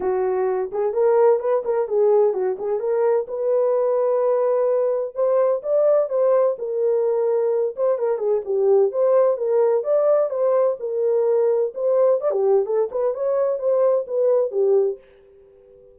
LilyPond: \new Staff \with { instrumentName = "horn" } { \time 4/4 \tempo 4 = 128 fis'4. gis'8 ais'4 b'8 ais'8 | gis'4 fis'8 gis'8 ais'4 b'4~ | b'2. c''4 | d''4 c''4 ais'2~ |
ais'8 c''8 ais'8 gis'8 g'4 c''4 | ais'4 d''4 c''4 ais'4~ | ais'4 c''4 d''16 g'8. a'8 b'8 | cis''4 c''4 b'4 g'4 | }